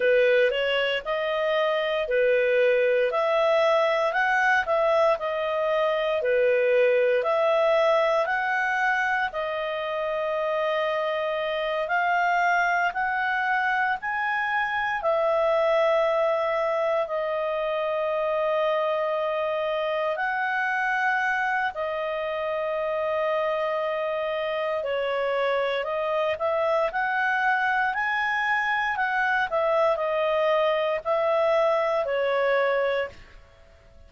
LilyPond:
\new Staff \with { instrumentName = "clarinet" } { \time 4/4 \tempo 4 = 58 b'8 cis''8 dis''4 b'4 e''4 | fis''8 e''8 dis''4 b'4 e''4 | fis''4 dis''2~ dis''8 f''8~ | f''8 fis''4 gis''4 e''4.~ |
e''8 dis''2. fis''8~ | fis''4 dis''2. | cis''4 dis''8 e''8 fis''4 gis''4 | fis''8 e''8 dis''4 e''4 cis''4 | }